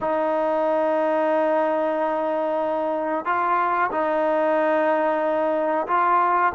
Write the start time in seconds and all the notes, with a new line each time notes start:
0.01 D#4
3.25 F4
3.91 D#4
5.87 F4